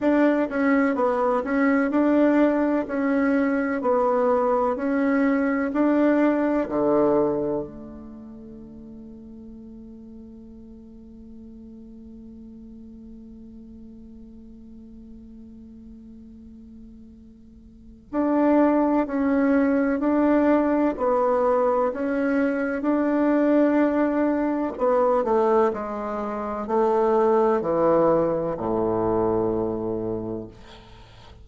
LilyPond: \new Staff \with { instrumentName = "bassoon" } { \time 4/4 \tempo 4 = 63 d'8 cis'8 b8 cis'8 d'4 cis'4 | b4 cis'4 d'4 d4 | a1~ | a1~ |
a2. d'4 | cis'4 d'4 b4 cis'4 | d'2 b8 a8 gis4 | a4 e4 a,2 | }